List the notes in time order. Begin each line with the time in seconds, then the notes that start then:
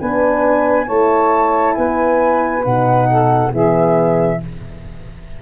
0.00 B3 D4 B4 G#5
0.86 A3 E4 C#5 A5
1.75 B3 B4 G#5
2.64 B2 D#4 F#5
3.09 A4
3.52 E3 B3 G#4 E5